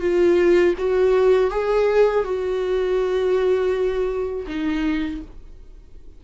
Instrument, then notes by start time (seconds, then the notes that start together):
viola
0.00 F4
0.78 F#4
1.50 G#4
2.24 F#4
4.47 D#4